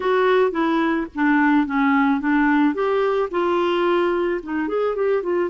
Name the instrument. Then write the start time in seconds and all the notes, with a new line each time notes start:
clarinet
0.00 F#4
0.51 E4
1.15 D4
1.66 C#4
2.20 D4
2.74 G4
3.31 F4
4.43 D#4
4.68 G#4
4.95 G4
5.22 F4